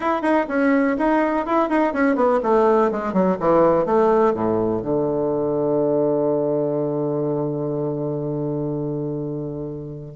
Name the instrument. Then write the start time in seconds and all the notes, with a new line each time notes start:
bassoon
0.00 E4
0.22 D#4
0.48 C#4
0.98 D#4
1.45 E4
1.69 D#4
1.93 C#4
2.15 B3
2.42 A3
2.91 G#3
3.13 F#3
3.40 E3
3.85 A3
4.34 A2
4.82 D3